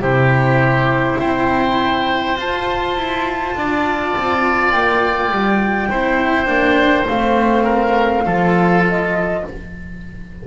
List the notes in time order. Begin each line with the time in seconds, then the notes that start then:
0.00 C3 E4 G4 C5
1.19 C4 C5 G5
2.36 F4 A5
2.96 E4
3.55 D4 D5
4.16 C4
4.71 A#3 G5
5.31 G3
5.90 C4 E4 C5
6.45 A#3 D4
7.08 A3 C4 F5
7.64 A#4
8.25 F3 F4 A4
8.88 D#5